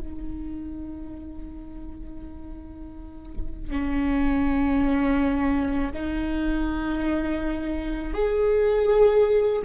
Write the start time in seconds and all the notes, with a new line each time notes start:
0.00 D#4
3.70 C#4
5.93 D#4
8.14 G#4